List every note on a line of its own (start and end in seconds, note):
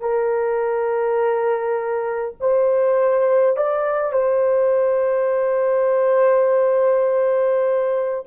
0.00 2.35 A#4
2.40 3.56 C5
3.56 4.12 D5
4.12 8.24 C5